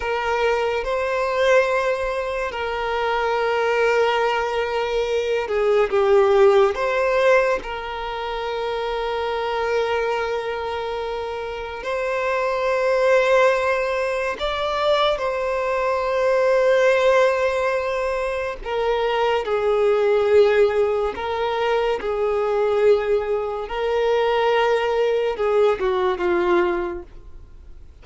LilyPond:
\new Staff \with { instrumentName = "violin" } { \time 4/4 \tempo 4 = 71 ais'4 c''2 ais'4~ | ais'2~ ais'8 gis'8 g'4 | c''4 ais'2.~ | ais'2 c''2~ |
c''4 d''4 c''2~ | c''2 ais'4 gis'4~ | gis'4 ais'4 gis'2 | ais'2 gis'8 fis'8 f'4 | }